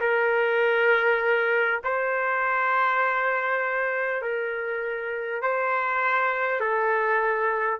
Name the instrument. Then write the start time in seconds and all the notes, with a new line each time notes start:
trumpet
0.00 A#4
1.83 C5
4.22 A#4
5.41 C5
6.60 A4